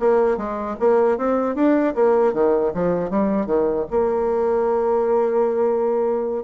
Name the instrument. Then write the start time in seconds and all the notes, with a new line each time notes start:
bassoon
0.00 A#3
0.37 G#3
0.80 A#3
1.18 C4
1.55 D4
1.95 A#3
2.33 D#3
2.74 F3
3.10 G3
3.46 D#3
3.91 A#3